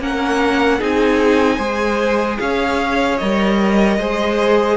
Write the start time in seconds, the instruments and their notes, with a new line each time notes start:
0.00 cello A#3, viola C#4, violin A#4 F#5
0.78 cello C4, viola D#4, violin G#4 G#5
1.56 cello G#3, viola G#4, violin C5
2.39 cello C#4, violin C#5 F5
3.17 cello G3, viola A#4, violin D#5
3.98 cello G#3, viola G#4, violin C5